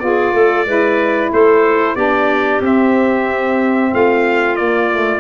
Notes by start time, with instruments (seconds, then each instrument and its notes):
0.00 tuba B3, saxophone F4, clarinet G#4, trumpet D5
0.33 tuba A3, clarinet A4
0.66 tuba G#3, saxophone E4, clarinet B4
1.33 tuba A3, clarinet A4, trumpet C5
1.96 tuba B3, saxophone D4, clarinet G4, trumpet D5
2.61 tuba C4, saxophone C4, trumpet E5
3.94 tuba A3, clarinet F4, trumpet F5
4.56 tuba A#3, saxophone A#3, trumpet D5
4.92 saxophone A3